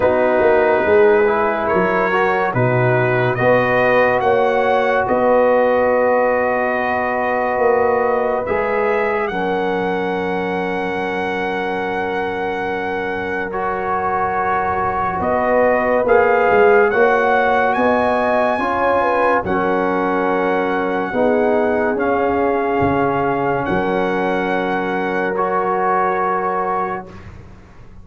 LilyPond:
<<
  \new Staff \with { instrumentName = "trumpet" } { \time 4/4 \tempo 4 = 71 b'2 cis''4 b'4 | dis''4 fis''4 dis''2~ | dis''2 e''4 fis''4~ | fis''1 |
cis''2 dis''4 f''4 | fis''4 gis''2 fis''4~ | fis''2 f''2 | fis''2 cis''2 | }
  \new Staff \with { instrumentName = "horn" } { \time 4/4 fis'4 gis'4 ais'4 fis'4 | b'4 cis''4 b'2~ | b'2. ais'4~ | ais'1~ |
ais'2 b'2 | cis''4 dis''4 cis''8 b'8 ais'4~ | ais'4 gis'2. | ais'1 | }
  \new Staff \with { instrumentName = "trombone" } { \time 4/4 dis'4. e'4 fis'8 dis'4 | fis'1~ | fis'2 gis'4 cis'4~ | cis'1 |
fis'2. gis'4 | fis'2 f'4 cis'4~ | cis'4 dis'4 cis'2~ | cis'2 fis'2 | }
  \new Staff \with { instrumentName = "tuba" } { \time 4/4 b8 ais8 gis4 fis4 b,4 | b4 ais4 b2~ | b4 ais4 gis4 fis4~ | fis1~ |
fis2 b4 ais8 gis8 | ais4 b4 cis'4 fis4~ | fis4 b4 cis'4 cis4 | fis1 | }
>>